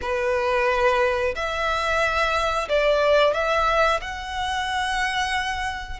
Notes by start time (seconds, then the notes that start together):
0.01 B4
1.35 E5
2.68 D5
3.33 E5
4.01 F#5